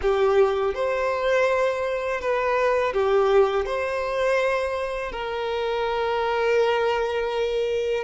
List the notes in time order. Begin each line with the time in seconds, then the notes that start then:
0.01 G4
0.74 C5
2.20 B4
2.93 G4
3.65 C5
5.12 A#4